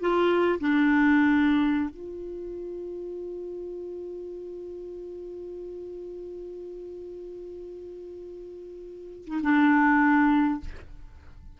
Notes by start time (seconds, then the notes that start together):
0.00 F4
0.59 D4
1.90 F4
9.26 D#4
9.42 D4